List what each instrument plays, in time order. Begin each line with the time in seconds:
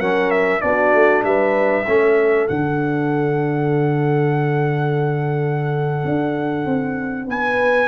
0.00 tuba F#3, trombone C#4, horn A#4, trumpet F#5
0.31 trumpet E5
0.61 tuba B3, trombone D4, horn F#4, trumpet D5
0.94 tuba A3
1.24 tuba G3, horn B4, trumpet E5
1.87 tuba A3, trombone C#4, horn A4
2.48 tuba D3, trombone D4, trumpet F#5
6.05 tuba D4
6.66 tuba C4
7.28 tuba B3, horn B4, trumpet G#5